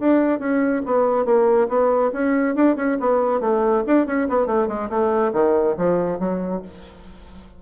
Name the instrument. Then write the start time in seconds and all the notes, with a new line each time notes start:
bassoon
0.00 D4
0.40 C#4
0.86 B3
1.26 A#3
1.69 B3
2.13 C#4
2.56 D4
2.77 C#4
3.01 B3
3.41 A3
3.87 D4
4.07 C#4
4.29 B3
4.47 A3
4.68 G#3
4.90 A3
5.34 D#3
5.78 F3
6.20 F#3